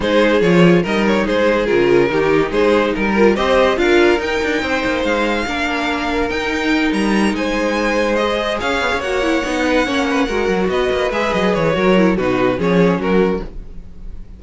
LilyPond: <<
  \new Staff \with { instrumentName = "violin" } { \time 4/4 \tempo 4 = 143 c''4 cis''4 dis''8 cis''8 c''4 | ais'2 c''4 ais'4 | dis''4 f''4 g''2 | f''2. g''4~ |
g''8 ais''4 gis''2 dis''8~ | dis''8 f''4 fis''2~ fis''8~ | fis''4. dis''4 e''8 dis''8 cis''8~ | cis''4 b'4 cis''4 ais'4 | }
  \new Staff \with { instrumentName = "violin" } { \time 4/4 gis'2 ais'4 gis'4~ | gis'4 g'4 gis'4 ais'4 | c''4 ais'2 c''4~ | c''4 ais'2.~ |
ais'4. c''2~ c''8~ | c''8 cis''2~ cis''8 b'8 cis''8 | b'8 ais'4 b'2~ b'8 | ais'4 fis'4 gis'4 fis'4 | }
  \new Staff \with { instrumentName = "viola" } { \time 4/4 dis'4 f'4 dis'2 | f'4 dis'2~ dis'8 f'8 | g'4 f'4 dis'2~ | dis'4 d'2 dis'4~ |
dis'2.~ dis'8 gis'8~ | gis'4. fis'8 e'8 dis'4 cis'8~ | cis'8 fis'2 gis'4. | fis'8 e'8 dis'4 cis'2 | }
  \new Staff \with { instrumentName = "cello" } { \time 4/4 gis4 f4 g4 gis4 | cis4 dis4 gis4 g4 | c'4 d'4 dis'8 d'8 c'8 ais8 | gis4 ais2 dis'4~ |
dis'8 g4 gis2~ gis8~ | gis8 cis'8 b16 cis'16 ais4 b4 ais8~ | ais8 gis8 fis8 b8 ais8 gis8 fis8 e8 | fis4 b,4 f4 fis4 | }
>>